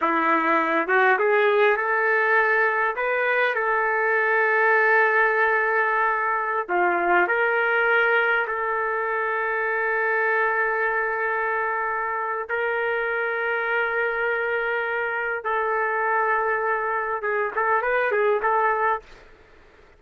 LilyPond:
\new Staff \with { instrumentName = "trumpet" } { \time 4/4 \tempo 4 = 101 e'4. fis'8 gis'4 a'4~ | a'4 b'4 a'2~ | a'2.~ a'16 f'8.~ | f'16 ais'2 a'4.~ a'16~ |
a'1~ | a'4 ais'2.~ | ais'2 a'2~ | a'4 gis'8 a'8 b'8 gis'8 a'4 | }